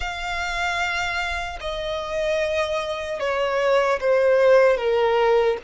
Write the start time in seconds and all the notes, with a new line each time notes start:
0.00 F5
1.60 D#5
3.19 C#5
4.00 C5
4.77 A#4